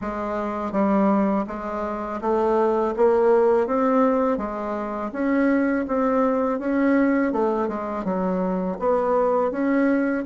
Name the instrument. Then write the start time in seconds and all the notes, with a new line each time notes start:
bassoon
0.01 G#3
0.72 G3
1.47 G#3
2.21 A3
2.96 A#3
3.66 C4
4.37 G#3
5.12 C#4
5.87 C4
6.59 C#4
7.32 A3
7.68 G#3
8.04 F#3
8.79 B3
9.51 C#4